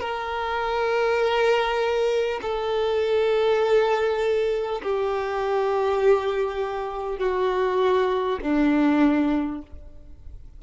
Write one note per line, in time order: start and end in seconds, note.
0.00 2.40 A#4
2.42 4.82 A4
4.82 7.18 G4
7.18 8.38 F#4
8.42 9.62 D4